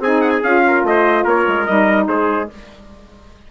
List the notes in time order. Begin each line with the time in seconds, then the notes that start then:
0.00 C4 D#4 G#4 G#5
0.21 F#5
0.30 G#5
0.43 C#4 F4 F5
0.68 A#4
0.83 A3 D#5
0.90 C5
1.24 A#3 A#4 C#5
1.48 G#3
1.66 G3 D#4 D#5
2.08 G#3 G#4 C5